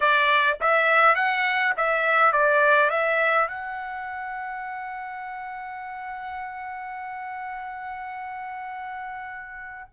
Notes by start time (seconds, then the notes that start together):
0.00 D5
0.60 E5
1.15 F#5
1.77 E5
2.32 D5
2.89 E5
3.48 F#5